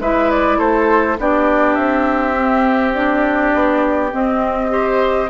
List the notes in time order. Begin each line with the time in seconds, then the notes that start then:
0.00 G#3 E4 B4 E5
0.31 D5
0.58 A3 A4 C5
1.19 B3 D4 G4 D5
1.75 C4 E5
2.36 C4
2.93 D4 D5
3.54 B3
4.11 C4 D#5
4.70 G4 C5